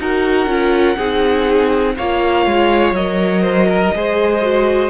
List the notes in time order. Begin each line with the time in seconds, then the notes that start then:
0.00 D#4 F#4 A#4 F#5
0.47 C#4 F4
0.98 C4 D#4 G#4
1.97 A#3 F4 C#5 F5
2.47 G#3
2.93 F#3 A#4 D#5
3.42 C5
3.70 A#4
3.95 G#3 G#4 C5
4.42 F#4